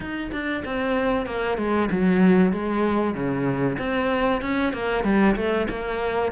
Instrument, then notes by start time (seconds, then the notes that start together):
cello
0.00 D#4
0.32 D4
0.65 C4
1.26 A#3
1.57 G#3
1.91 F#3
2.52 G#3
3.14 C#3
3.78 C4
4.41 C#4
4.73 A#3
5.04 G3
5.36 A3
5.69 A#3